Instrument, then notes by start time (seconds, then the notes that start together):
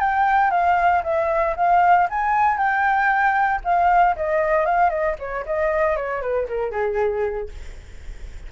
flute
0.00 G5
0.51 F5
1.04 E5
1.57 F5
2.10 G#5
2.58 G5
3.64 F5
4.17 D#5
4.66 F5
4.90 D#5
5.19 C#5
5.46 D#5
5.96 C#5
6.22 B4
6.49 A#4
6.72 G#4